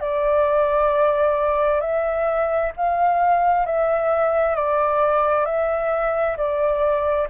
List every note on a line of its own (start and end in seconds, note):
0.00 1.81 D5
1.81 2.71 E5
2.76 3.66 F5
3.66 4.56 E5
4.56 5.45 D5
5.45 6.36 E5
6.37 7.28 D5